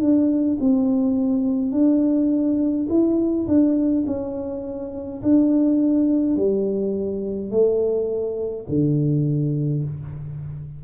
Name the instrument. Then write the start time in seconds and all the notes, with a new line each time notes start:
tuba
0.00 D4
0.60 C4
1.72 D4
2.89 E4
3.47 D4
4.06 C#4
5.22 D4
6.36 G3
7.50 A3
8.68 D3